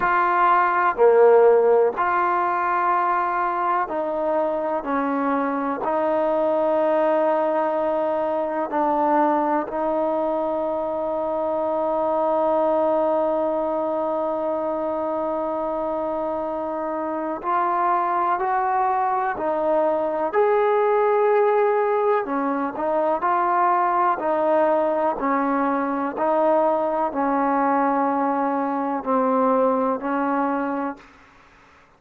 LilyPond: \new Staff \with { instrumentName = "trombone" } { \time 4/4 \tempo 4 = 62 f'4 ais4 f'2 | dis'4 cis'4 dis'2~ | dis'4 d'4 dis'2~ | dis'1~ |
dis'2 f'4 fis'4 | dis'4 gis'2 cis'8 dis'8 | f'4 dis'4 cis'4 dis'4 | cis'2 c'4 cis'4 | }